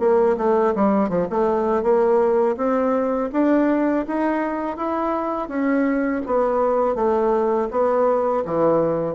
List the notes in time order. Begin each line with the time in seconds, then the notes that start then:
0.00 A#3
0.37 A3
0.75 G3
1.09 F3
1.30 A3
1.83 A#3
2.57 C4
3.33 D4
4.07 D#4
4.77 E4
5.49 C#4
6.26 B3
6.95 A3
7.71 B3
8.45 E3